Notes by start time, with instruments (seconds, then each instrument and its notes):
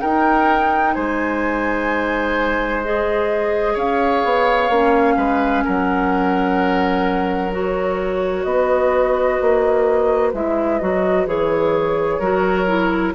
0.00 bassoon D#4, clarinet D#4, oboe A#4, flute G5
0.94 bassoon G#3, oboe C5, flute G#5
2.83 clarinet G#4, flute D#5
3.73 bassoon C#4, oboe C#5, flute F5
4.24 bassoon B3
4.69 bassoon A#3, clarinet C#4
5.16 bassoon G#3, oboe B4
5.64 bassoon F#3, oboe A#4, flute F#5
7.51 clarinet F#4, flute C#5
8.43 bassoon B3, oboe B4, flute D#5
9.41 bassoon A#3
10.33 bassoon G#3, clarinet E4, flute E5
10.79 bassoon F#3, clarinet F#4, flute D#5
11.26 bassoon E3, clarinet G#4, flute C#5
12.19 bassoon F#3, clarinet F#4, oboe A#4
12.67 clarinet E4